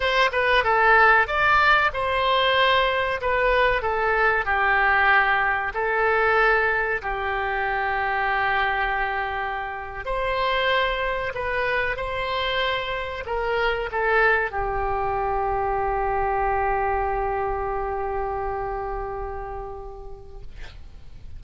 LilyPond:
\new Staff \with { instrumentName = "oboe" } { \time 4/4 \tempo 4 = 94 c''8 b'8 a'4 d''4 c''4~ | c''4 b'4 a'4 g'4~ | g'4 a'2 g'4~ | g'2.~ g'8. c''16~ |
c''4.~ c''16 b'4 c''4~ c''16~ | c''8. ais'4 a'4 g'4~ g'16~ | g'1~ | g'1 | }